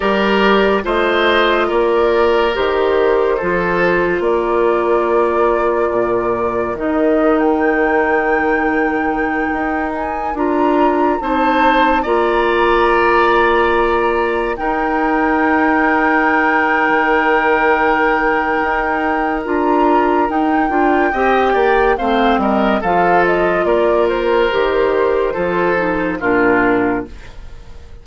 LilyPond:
<<
  \new Staff \with { instrumentName = "flute" } { \time 4/4 \tempo 4 = 71 d''4 dis''4 d''4 c''4~ | c''4 d''2. | dis''8. g''2. gis''16~ | gis''16 ais''4 a''4 ais''4.~ ais''16~ |
ais''4~ ais''16 g''2~ g''8.~ | g''2. ais''4 | g''2 f''8 dis''8 f''8 dis''8 | d''8 c''2~ c''8 ais'4 | }
  \new Staff \with { instrumentName = "oboe" } { \time 4/4 ais'4 c''4 ais'2 | a'4 ais'2.~ | ais'1~ | ais'4~ ais'16 c''4 d''4.~ d''16~ |
d''4~ d''16 ais'2~ ais'8.~ | ais'1~ | ais'4 dis''8 d''8 c''8 ais'8 a'4 | ais'2 a'4 f'4 | }
  \new Staff \with { instrumentName = "clarinet" } { \time 4/4 g'4 f'2 g'4 | f'1 | dis'1~ | dis'16 f'4 dis'4 f'4.~ f'16~ |
f'4~ f'16 dis'2~ dis'8.~ | dis'2. f'4 | dis'8 f'8 g'4 c'4 f'4~ | f'4 g'4 f'8 dis'8 d'4 | }
  \new Staff \with { instrumentName = "bassoon" } { \time 4/4 g4 a4 ais4 dis4 | f4 ais2 ais,4 | dis2.~ dis16 dis'8.~ | dis'16 d'4 c'4 ais4.~ ais16~ |
ais4~ ais16 dis'2~ dis'8. | dis2 dis'4 d'4 | dis'8 d'8 c'8 ais8 a8 g8 f4 | ais4 dis4 f4 ais,4 | }
>>